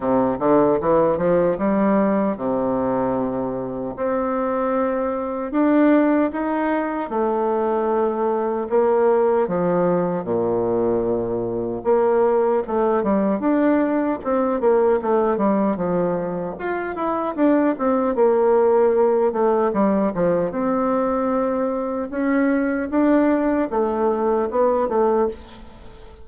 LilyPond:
\new Staff \with { instrumentName = "bassoon" } { \time 4/4 \tempo 4 = 76 c8 d8 e8 f8 g4 c4~ | c4 c'2 d'4 | dis'4 a2 ais4 | f4 ais,2 ais4 |
a8 g8 d'4 c'8 ais8 a8 g8 | f4 f'8 e'8 d'8 c'8 ais4~ | ais8 a8 g8 f8 c'2 | cis'4 d'4 a4 b8 a8 | }